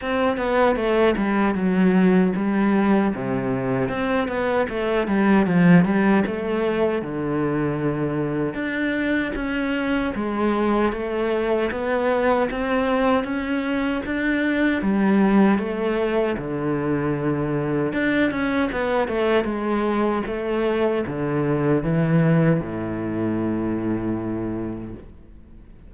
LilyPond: \new Staff \with { instrumentName = "cello" } { \time 4/4 \tempo 4 = 77 c'8 b8 a8 g8 fis4 g4 | c4 c'8 b8 a8 g8 f8 g8 | a4 d2 d'4 | cis'4 gis4 a4 b4 |
c'4 cis'4 d'4 g4 | a4 d2 d'8 cis'8 | b8 a8 gis4 a4 d4 | e4 a,2. | }